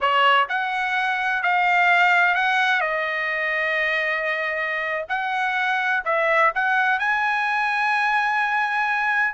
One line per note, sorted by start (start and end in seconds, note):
0.00 0.47 C#5
0.49 1.42 F#5
1.42 2.35 F5
2.35 2.80 F#5
2.80 5.05 D#5
5.09 6.03 F#5
6.04 6.52 E5
6.55 6.99 F#5
6.99 9.33 G#5